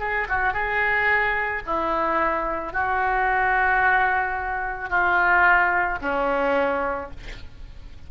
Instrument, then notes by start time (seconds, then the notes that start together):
oboe
0.00 G#4
0.29 F#4
0.54 G#4
1.66 E4
2.73 F#4
4.90 F4
6.01 C#4